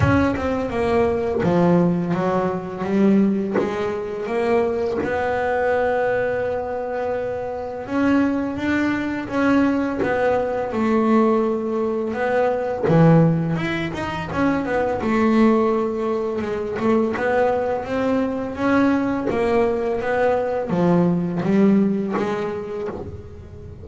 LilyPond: \new Staff \with { instrumentName = "double bass" } { \time 4/4 \tempo 4 = 84 cis'8 c'8 ais4 f4 fis4 | g4 gis4 ais4 b4~ | b2. cis'4 | d'4 cis'4 b4 a4~ |
a4 b4 e4 e'8 dis'8 | cis'8 b8 a2 gis8 a8 | b4 c'4 cis'4 ais4 | b4 f4 g4 gis4 | }